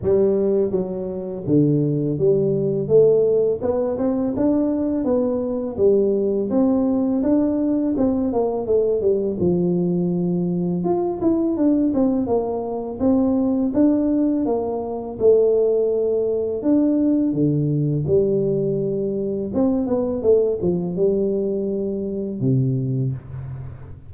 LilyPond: \new Staff \with { instrumentName = "tuba" } { \time 4/4 \tempo 4 = 83 g4 fis4 d4 g4 | a4 b8 c'8 d'4 b4 | g4 c'4 d'4 c'8 ais8 | a8 g8 f2 f'8 e'8 |
d'8 c'8 ais4 c'4 d'4 | ais4 a2 d'4 | d4 g2 c'8 b8 | a8 f8 g2 c4 | }